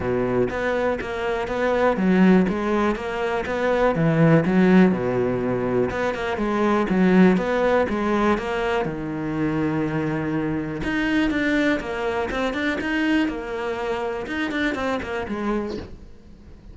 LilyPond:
\new Staff \with { instrumentName = "cello" } { \time 4/4 \tempo 4 = 122 b,4 b4 ais4 b4 | fis4 gis4 ais4 b4 | e4 fis4 b,2 | b8 ais8 gis4 fis4 b4 |
gis4 ais4 dis2~ | dis2 dis'4 d'4 | ais4 c'8 d'8 dis'4 ais4~ | ais4 dis'8 d'8 c'8 ais8 gis4 | }